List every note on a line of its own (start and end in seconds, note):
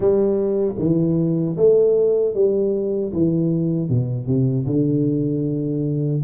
0.00 0.75 G3
0.78 1.56 E3
1.56 2.34 A3
2.34 3.12 G3
3.12 3.89 E3
3.89 4.26 B2
4.26 4.65 C3
4.66 6.22 D3